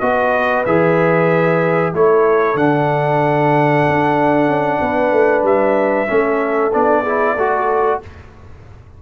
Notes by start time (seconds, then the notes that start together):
0.00 B3 F#4 B4 D#5
0.66 E3 G#4 E5
1.94 A3 E4 A4 C#5
2.54 D3 D4 F#5
3.88 D4
4.48 C#4
4.81 B3 B4
5.12 A3
5.43 G3 E5
6.08 A3 C#4 A4
6.73 B3 D4 D5
7.03 E4 G#4
7.35 A3 F#4 A4